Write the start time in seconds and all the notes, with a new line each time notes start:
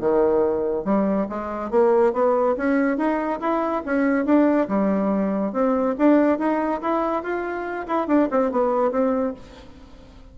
0.00 D#3
0.85 G3
1.29 G#3
1.70 A#3
2.13 B3
2.57 C#4
2.97 D#4
3.40 E4
3.85 C#4
4.25 D4
4.68 G3
5.53 C4
5.98 D4
6.38 D#4
6.81 E4
7.23 F4
7.87 E4
8.07 D4
8.31 C4
8.51 B3
8.91 C4